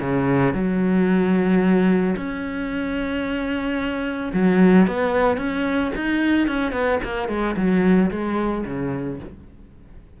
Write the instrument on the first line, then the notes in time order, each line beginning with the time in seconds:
cello
0.00 C#3
0.53 F#3
2.16 C#4
4.33 F#3
4.87 B3
5.37 C#4
5.95 D#4
6.47 C#4
6.72 B3
7.03 A#3
7.28 G#3
7.56 F#3
8.11 G#3
8.65 C#3